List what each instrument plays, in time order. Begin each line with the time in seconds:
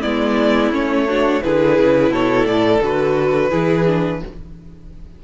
0.00 cello G#3, viola B3, violin E4 D5
0.71 cello A3, viola C#4, violin C#5
1.08 viola D4, violin F#4
1.43 cello D3, viola E4, violin G#4 B4
1.79 cello C#3
2.10 cello B2, violin A4 C#5
2.45 cello A2, violin D5
2.81 cello D3, viola F#4, violin B4
3.50 cello E3, viola E4, violin G#4
3.87 viola D4